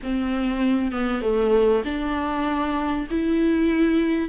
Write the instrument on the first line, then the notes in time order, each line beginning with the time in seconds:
viola
0.03 C4
0.91 B3
1.22 A3
1.84 D4
3.10 E4